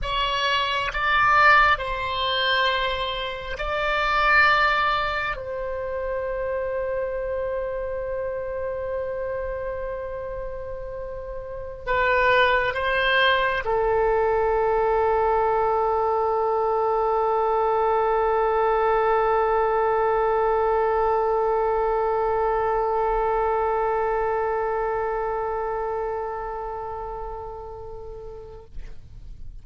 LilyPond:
\new Staff \with { instrumentName = "oboe" } { \time 4/4 \tempo 4 = 67 cis''4 d''4 c''2 | d''2 c''2~ | c''1~ | c''4~ c''16 b'4 c''4 a'8.~ |
a'1~ | a'1~ | a'1~ | a'1 | }